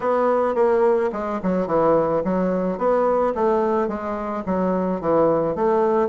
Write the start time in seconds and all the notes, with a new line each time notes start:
0.00 B3
0.55 A#3
1.12 G#3
1.43 F#3
1.66 E3
2.24 F#3
2.78 B3
3.34 A3
3.88 G#3
4.45 F#3
5.00 E3
5.55 A3